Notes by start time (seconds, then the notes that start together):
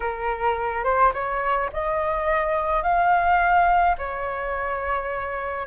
0.00 A#4
0.84 C5
1.13 C#5
1.72 D#5
2.83 F5
3.98 C#5